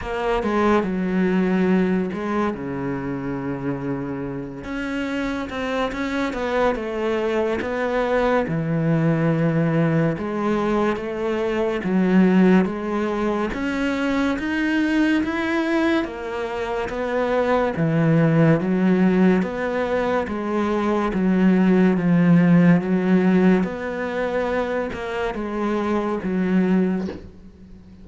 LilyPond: \new Staff \with { instrumentName = "cello" } { \time 4/4 \tempo 4 = 71 ais8 gis8 fis4. gis8 cis4~ | cis4. cis'4 c'8 cis'8 b8 | a4 b4 e2 | gis4 a4 fis4 gis4 |
cis'4 dis'4 e'4 ais4 | b4 e4 fis4 b4 | gis4 fis4 f4 fis4 | b4. ais8 gis4 fis4 | }